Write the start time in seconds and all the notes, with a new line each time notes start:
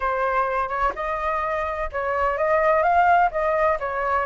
0.00 C5
0.68 C#5
0.95 D#5
1.91 C#5
2.37 D#5
2.82 F5
3.31 D#5
3.79 C#5